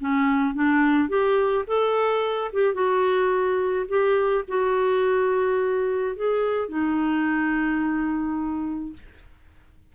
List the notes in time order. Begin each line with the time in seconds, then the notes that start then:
0.00 C#4
0.55 D4
1.09 G4
1.67 A4
2.53 G4
2.74 F#4
3.88 G4
4.48 F#4
6.16 G#4
6.69 D#4